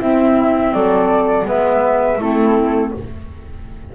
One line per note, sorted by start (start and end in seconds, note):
0.00 1.44 C4
0.00 0.73 C4
0.00 0.75 E4
0.00 0.73 E5
0.73 1.45 F#3
0.73 1.47 A4
0.73 1.46 D5
1.44 2.18 G#3
1.44 2.17 B3
1.44 2.19 B4
1.44 2.21 E5
2.18 2.91 A3
2.18 2.95 C4
2.18 2.92 E4
2.18 2.94 A4